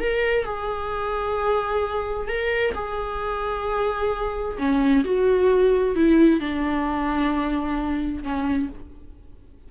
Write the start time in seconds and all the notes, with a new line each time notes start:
0.00 A#4
0.45 G#4
2.28 A#4
2.75 G#4
4.58 C#4
5.04 F#4
5.96 E4
6.40 D4
8.23 C#4